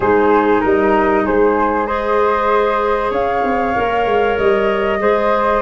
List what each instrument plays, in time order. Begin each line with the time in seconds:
0.00 tuba G#3, clarinet D#4, flute G#4 C5
0.60 tuba G3, flute A#4 D#5
1.24 tuba G#3, flute G#4 C5
1.86 clarinet G#4, flute C5 D#5
3.10 tuba C#4, flute C#5 F5
3.43 tuba C4
3.74 tuba A#3, clarinet A#4
4.05 tuba G#3
4.38 tuba G3, flute D#5
4.99 tuba G#3, clarinet G#4, flute C5